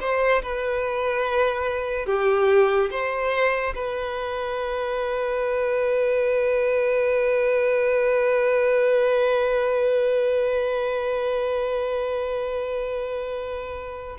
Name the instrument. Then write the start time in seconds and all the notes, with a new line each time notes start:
violin
0.00 C5
0.42 B4
2.06 G4
2.90 C5
3.75 B4